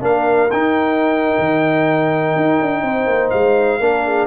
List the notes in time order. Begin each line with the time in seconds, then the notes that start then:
0.00 A#3 D4 A#4 F5
0.51 D#4 G5
1.38 D#3
2.35 D#4
2.61 D4
2.82 C4 C5
3.06 A#3
3.30 G#3 F5
3.79 A#3 D4 A#4
4.05 G#4